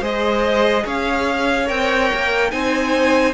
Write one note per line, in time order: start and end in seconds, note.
0.00 0.84 G#3
0.00 1.66 G#4
0.00 0.83 C5
0.00 0.87 D#5
0.85 1.70 C#4
0.85 2.51 C#5
0.85 1.68 F5
1.66 2.11 C4
1.66 2.50 A#4
1.66 2.51 G5
2.13 2.52 A#3
2.50 3.34 C4
2.50 3.34 D#4
2.50 3.34 C5
2.50 3.34 G#5